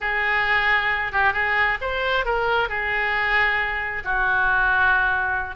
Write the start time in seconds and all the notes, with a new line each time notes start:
0.00 G#4
1.12 G4
1.33 G#4
1.81 C5
2.25 A#4
2.68 G#4
4.04 F#4